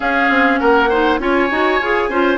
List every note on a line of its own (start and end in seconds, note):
0.00 0.90 C#4
0.00 0.29 C#4
0.00 0.60 G#4
0.00 0.58 F5
0.29 0.59 C4
0.58 1.18 A#3
0.58 0.89 A#4
0.58 1.18 F#5
0.89 1.19 D#4
0.89 1.19 C5
1.18 1.48 C#4
1.18 1.49 F4
1.18 2.09 C#5
1.18 2.37 G#5
1.51 1.80 D#4
1.51 1.80 F#4
1.80 2.09 F4
1.80 2.11 G#4
2.09 2.37 C#4
2.09 2.37 F4
2.09 2.37 C5